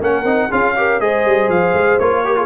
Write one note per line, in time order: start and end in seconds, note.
0.00 0.24 A#3
0.00 0.25 C#4
0.00 0.48 A#4
0.00 0.52 F#5
0.24 0.49 C4
0.24 0.50 D#4
0.48 1.00 C#4
0.48 0.76 F4
0.48 0.73 G#4
0.48 1.00 F5
0.76 1.00 G4
0.76 1.02 A#4
1.00 1.25 G#3
1.00 2.00 G#4
1.00 2.26 C5
1.00 1.50 D#5
1.25 1.49 G3
1.49 1.73 F3
1.49 1.99 F5
1.74 1.99 G#3
1.99 2.46 A#3
1.99 2.25 F4
1.99 2.46 C#5
2.25 2.36 G4
2.25 2.38 A#4
2.36 2.46 F4
2.36 2.46 G#4